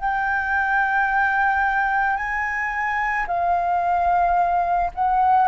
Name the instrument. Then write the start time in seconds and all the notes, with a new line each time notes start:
flute
0.00 G5
2.17 G#5
3.28 F5
4.95 F#5